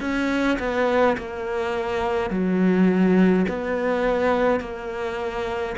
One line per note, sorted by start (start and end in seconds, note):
0.00 0.58 C#4
0.59 1.16 B3
1.17 2.30 A#3
2.30 3.46 F#3
3.48 4.60 B3
4.60 5.75 A#3